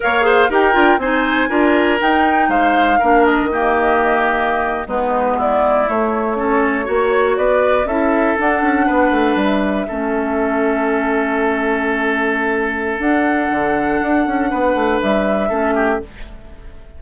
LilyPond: <<
  \new Staff \with { instrumentName = "flute" } { \time 4/4 \tempo 4 = 120 f''4 g''4 gis''2 | g''4 f''4. dis''4.~ | dis''4.~ dis''16 b'4 d''4 cis''16~ | cis''2~ cis''8. d''4 e''16~ |
e''8. fis''2 e''4~ e''16~ | e''1~ | e''2 fis''2~ | fis''2 e''2 | }
  \new Staff \with { instrumentName = "oboe" } { \time 4/4 cis''8 c''8 ais'4 c''4 ais'4~ | ais'4 c''4 ais'4 g'4~ | g'4.~ g'16 dis'4 e'4~ e'16~ | e'8. a'4 cis''4 b'4 a'16~ |
a'4.~ a'16 b'2 a'16~ | a'1~ | a'1~ | a'4 b'2 a'8 g'8 | }
  \new Staff \with { instrumentName = "clarinet" } { \time 4/4 ais'8 gis'8 g'8 f'8 dis'4 f'4 | dis'2 d'4 ais4~ | ais4.~ ais16 b2 a16~ | a8. cis'4 fis'2 e'16~ |
e'8. d'2. cis'16~ | cis'1~ | cis'2 d'2~ | d'2. cis'4 | }
  \new Staff \with { instrumentName = "bassoon" } { \time 4/4 ais4 dis'8 d'8 c'4 d'4 | dis'4 gis4 ais8. dis4~ dis16~ | dis4.~ dis16 gis2 a16~ | a4.~ a16 ais4 b4 cis'16~ |
cis'8. d'8 cis'8 b8 a8 g4 a16~ | a1~ | a2 d'4 d4 | d'8 cis'8 b8 a8 g4 a4 | }
>>